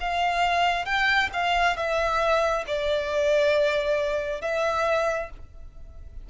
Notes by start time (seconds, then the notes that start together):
0.00 F5
0.85 G5
1.33 F5
1.76 E5
2.67 D5
4.41 E5